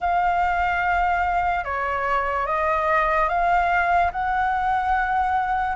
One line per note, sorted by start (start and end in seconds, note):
0.00 1.64 F5
1.64 2.46 C#5
2.46 3.28 D#5
3.29 4.11 F5
4.11 5.75 F#5